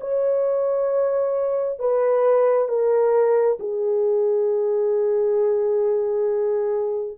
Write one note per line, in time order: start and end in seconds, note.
0.00 1.79 C#5
1.79 2.68 B4
2.68 3.58 A#4
3.59 7.17 G#4